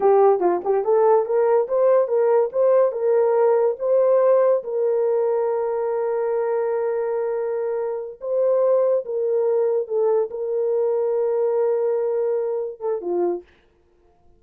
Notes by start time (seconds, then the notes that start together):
0.00 G4
0.40 F4
0.64 G4
0.84 A4
1.25 A#4
1.67 C5
2.08 A#4
2.52 C5
2.92 A#4
3.79 C5
4.63 A#4
8.20 C5
9.05 A#4
9.87 A4
10.30 A#4
12.80 A4
13.01 F4